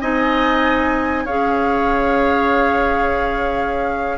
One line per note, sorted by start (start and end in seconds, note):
0.00 1.27 C4
0.00 1.27 D#4
0.00 1.25 D#5
0.00 1.26 G#5
1.25 4.18 C#4
1.25 4.18 G#4
1.25 4.18 C#5
1.25 4.18 F5